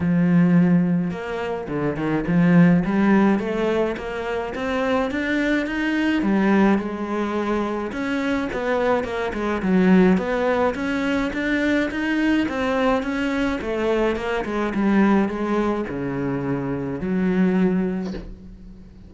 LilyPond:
\new Staff \with { instrumentName = "cello" } { \time 4/4 \tempo 4 = 106 f2 ais4 d8 dis8 | f4 g4 a4 ais4 | c'4 d'4 dis'4 g4 | gis2 cis'4 b4 |
ais8 gis8 fis4 b4 cis'4 | d'4 dis'4 c'4 cis'4 | a4 ais8 gis8 g4 gis4 | cis2 fis2 | }